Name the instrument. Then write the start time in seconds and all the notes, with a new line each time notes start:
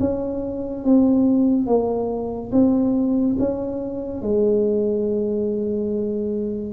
tuba
0.00 C#4
0.85 C4
1.67 A#3
2.52 C4
3.39 C#4
4.22 G#3